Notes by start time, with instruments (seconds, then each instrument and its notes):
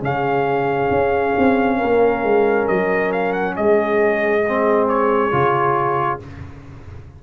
0.00 tuba C#3, trombone C#4, horn G#4, trumpet F5
0.90 tuba C#4
1.38 tuba C4
1.77 tuba A#3, horn A#4
2.23 tuba G#3
2.67 tuba F#3, trumpet D#5
3.12 trumpet F5
3.32 trumpet F#5
3.56 tuba G#3, horn G#4, trumpet D#5
4.48 trombone C4
4.88 trumpet C#5
5.31 tuba C#3, trombone F4